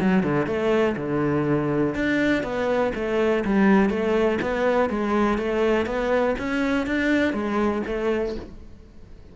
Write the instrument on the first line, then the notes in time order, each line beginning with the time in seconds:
cello
0.00 F#3
0.23 D3
0.46 A3
0.96 D3
1.95 D4
2.43 B3
2.95 A3
3.44 G3
3.89 A3
4.42 B3
4.90 G#3
5.38 A3
5.86 B3
6.38 C#4
6.87 D4
7.33 G#3
7.86 A3